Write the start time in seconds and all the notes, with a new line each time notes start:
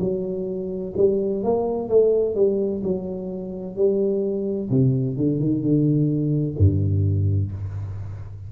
0.00 F#3
0.97 G3
1.44 A#3
1.89 A3
2.36 G3
2.83 F#3
3.76 G3
4.70 C3
5.17 D3
5.40 D#3
5.62 D3
6.58 G2